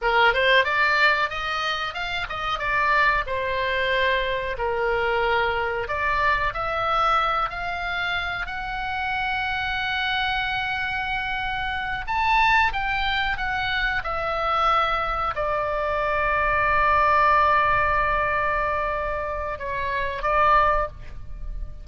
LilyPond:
\new Staff \with { instrumentName = "oboe" } { \time 4/4 \tempo 4 = 92 ais'8 c''8 d''4 dis''4 f''8 dis''8 | d''4 c''2 ais'4~ | ais'4 d''4 e''4. f''8~ | f''4 fis''2.~ |
fis''2~ fis''8 a''4 g''8~ | g''8 fis''4 e''2 d''8~ | d''1~ | d''2 cis''4 d''4 | }